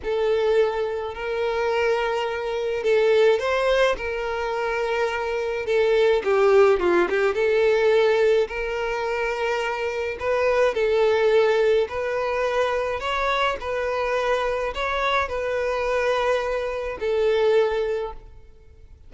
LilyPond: \new Staff \with { instrumentName = "violin" } { \time 4/4 \tempo 4 = 106 a'2 ais'2~ | ais'4 a'4 c''4 ais'4~ | ais'2 a'4 g'4 | f'8 g'8 a'2 ais'4~ |
ais'2 b'4 a'4~ | a'4 b'2 cis''4 | b'2 cis''4 b'4~ | b'2 a'2 | }